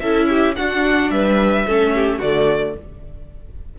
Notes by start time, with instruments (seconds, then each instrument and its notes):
0.00 cello C#4, viola E4, violin A4 E5
0.29 violin G4
0.56 viola D4, cello D4, violin F#4 F#5
1.10 cello G3, violin B4 E5
1.67 cello A3, viola C#4, violin A4
1.95 violin G4
2.19 cello D3, viola A3, violin F#4 D5